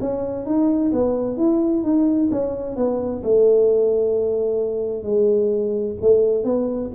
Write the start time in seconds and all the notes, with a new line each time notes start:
0.00 C#4
0.45 D#4
0.91 B3
1.36 E4
1.83 D#4
2.31 C#4
2.76 B3
3.23 A3
5.03 G#3
6.01 A3
6.44 B3